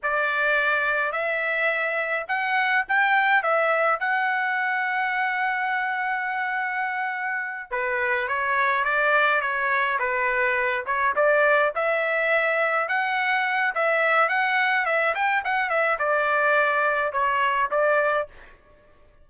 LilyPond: \new Staff \with { instrumentName = "trumpet" } { \time 4/4 \tempo 4 = 105 d''2 e''2 | fis''4 g''4 e''4 fis''4~ | fis''1~ | fis''4. b'4 cis''4 d''8~ |
d''8 cis''4 b'4. cis''8 d''8~ | d''8 e''2 fis''4. | e''4 fis''4 e''8 g''8 fis''8 e''8 | d''2 cis''4 d''4 | }